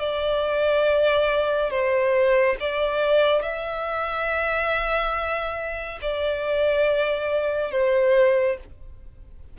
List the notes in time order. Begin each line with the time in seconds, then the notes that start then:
0.00 D5
1.71 C5
2.60 D5
3.42 E5
6.02 D5
7.72 C5